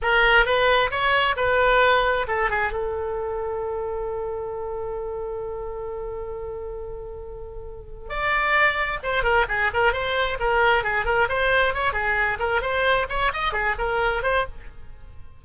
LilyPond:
\new Staff \with { instrumentName = "oboe" } { \time 4/4 \tempo 4 = 133 ais'4 b'4 cis''4 b'4~ | b'4 a'8 gis'8 a'2~ | a'1~ | a'1~ |
a'2 d''2 | c''8 ais'8 gis'8 ais'8 c''4 ais'4 | gis'8 ais'8 c''4 cis''8 gis'4 ais'8 | c''4 cis''8 dis''8 gis'8 ais'4 c''8 | }